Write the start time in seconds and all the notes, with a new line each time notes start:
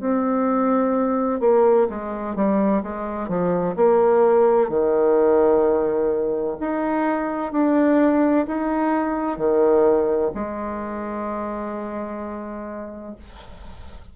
0.00 C4
1.40 A#3
1.90 G#3
2.36 G3
2.83 G#3
3.29 F3
3.76 A#3
4.70 D#3
6.60 D#4
7.52 D4
8.47 D#4
9.37 D#3
10.35 G#3